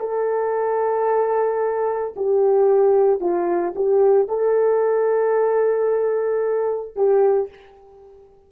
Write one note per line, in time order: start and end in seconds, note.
0.00 2.14 A4
2.16 3.20 G4
3.20 3.74 F4
3.75 4.29 G4
4.29 6.96 A4
6.96 7.50 G4